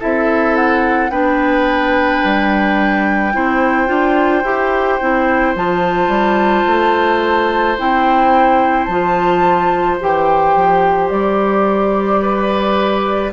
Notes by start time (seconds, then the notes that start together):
0.00 C4 E4 A4 E5
0.56 F#5
1.10 B3 D4 B4 G5
2.24 G3
3.34 C4 E4 C5
3.87 D4 F4
4.44 E4 G4
5.01 C4 E4
5.55 F3 F4 A5
6.08 G3
6.67 A3
7.78 C4 E4 G5
8.85 F3 F4 A5
10.00 E3 G4 G5
10.56 F3
11.10 G3 D5
12.22 B4